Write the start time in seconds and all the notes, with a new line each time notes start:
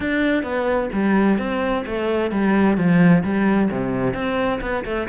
0.00 D4
0.43 B3
0.92 G3
1.38 C4
1.86 A3
2.31 G3
2.77 F3
3.23 G3
3.70 C3
4.13 C4
4.61 B3
4.84 A3